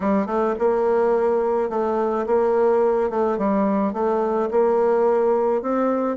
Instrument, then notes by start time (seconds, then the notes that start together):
bassoon
0.00 G3
0.26 A3
0.58 A#3
1.69 A3
2.26 A#3
3.10 A3
3.37 G3
3.93 A3
4.50 A#3
5.62 C4